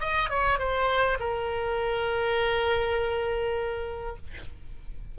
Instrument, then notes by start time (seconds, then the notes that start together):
oboe
0.00 D#5
0.30 C#5
0.59 C5
1.20 A#4